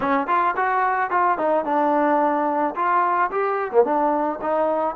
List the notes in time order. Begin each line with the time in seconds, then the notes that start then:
0.00 C#4
0.27 F4
0.56 F#4
1.10 F4
1.38 D#4
1.64 D4
2.75 F4
3.31 G4
3.71 A#3
3.84 D4
4.41 D#4